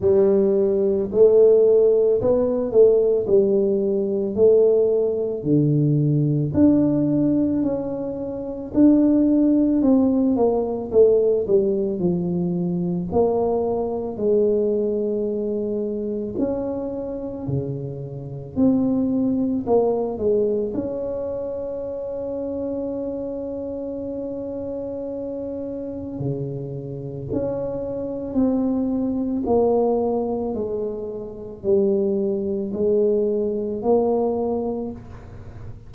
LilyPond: \new Staff \with { instrumentName = "tuba" } { \time 4/4 \tempo 4 = 55 g4 a4 b8 a8 g4 | a4 d4 d'4 cis'4 | d'4 c'8 ais8 a8 g8 f4 | ais4 gis2 cis'4 |
cis4 c'4 ais8 gis8 cis'4~ | cis'1 | cis4 cis'4 c'4 ais4 | gis4 g4 gis4 ais4 | }